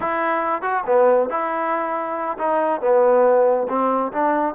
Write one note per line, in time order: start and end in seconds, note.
0.00 0.62 E4
0.62 0.83 F#4
0.86 1.29 B3
1.29 2.37 E4
2.38 2.81 D#4
2.81 3.67 B3
3.68 4.12 C4
4.12 4.54 D4